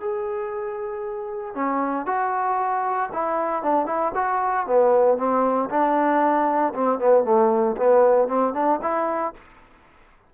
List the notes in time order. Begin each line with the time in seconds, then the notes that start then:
0.00 G#4
1.55 C#4
2.06 F#4
3.13 E4
3.63 D4
3.86 E4
4.14 F#4
4.66 B3
5.17 C4
5.70 D4
6.74 C4
6.99 B3
7.24 A3
7.77 B3
8.28 C4
8.53 D4
8.82 E4